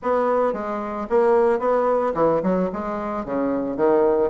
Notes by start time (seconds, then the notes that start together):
0.02 B3
0.53 G#3
1.09 A#3
1.59 B3
2.14 E3
2.43 F#3
2.72 G#3
3.25 C#3
3.76 D#3